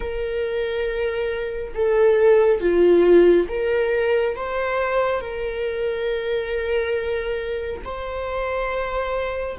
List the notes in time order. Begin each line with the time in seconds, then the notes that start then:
0.00 A#4
1.74 A4
2.60 F4
3.49 A#4
4.36 C5
5.21 A#4
7.84 C5